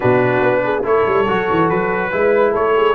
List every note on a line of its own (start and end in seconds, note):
0.00 0.41 B2
0.00 0.82 D4
0.00 0.60 F#4
0.00 0.83 B4
0.41 0.83 B3
0.63 0.84 G#4
0.83 1.05 A3
0.83 1.25 E4
0.83 2.10 A4
0.83 1.69 C#5
1.06 1.27 G3
1.27 1.49 F#3
1.27 2.11 F#4
1.49 1.70 E3
1.69 2.12 F#3
1.69 2.53 B4
2.11 2.54 G#3
2.11 2.94 E4
2.11 2.50 B4
2.50 2.94 A3
2.50 2.71 A4
2.50 2.94 C#5
2.76 2.94 G#4